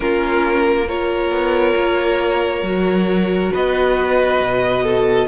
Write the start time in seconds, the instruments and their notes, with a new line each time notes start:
0.00 cello A#3, viola C#4, violin F4 A#4
0.87 viola F4, violin A#4 C#5
1.30 cello B3
1.75 cello A#3
2.62 cello F#3, viola F#4
3.52 cello B3, violin B4 D#5
4.40 cello B2
4.83 violin A4